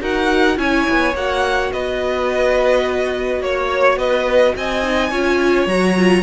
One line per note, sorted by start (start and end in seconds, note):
0.00 0.57 D#4
0.00 0.57 F#4
0.00 0.57 A#4
0.00 0.58 F#5
0.57 0.85 C#4
0.57 1.13 E4
0.57 1.72 C#5
0.57 1.14 G#5
0.89 1.14 B3
1.14 1.71 A#3
1.14 4.83 F#4
1.14 1.72 F#5
1.72 3.40 B3
1.72 3.42 B4
1.72 3.42 D#5
3.40 3.96 A#3
3.40 3.98 C#5
3.96 4.53 B3
3.96 4.55 B4
3.96 4.55 D#5
4.56 5.11 C4
4.56 5.10 D#5
4.56 5.67 G#5
4.83 5.11 D#4
5.10 5.66 C#4
5.10 5.68 F4
5.10 6.23 C#5
5.66 6.23 F#3
5.66 5.97 F#4
5.66 6.23 A#5
5.97 6.23 F4